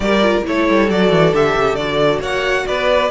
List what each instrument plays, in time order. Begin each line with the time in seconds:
0.00 cello G3, viola G4, violin A#4 D5
0.22 viola F4
0.44 cello A3, viola E4, violin A4 C#5
0.70 cello G3
0.89 cello F#3, viola F#4, violin D5
1.11 cello E3
1.33 cello D3, viola G4, violin E5
1.56 cello C#3
1.75 cello D3, viola F#4, violin D5
2.19 cello A#3, violin C#5 F#5
2.66 cello B3, violin B4 D5